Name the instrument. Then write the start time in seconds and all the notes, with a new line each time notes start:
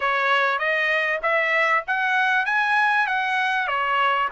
trumpet
0.00 C#5
0.58 D#5
1.22 E5
1.87 F#5
2.45 G#5
3.06 F#5
3.67 C#5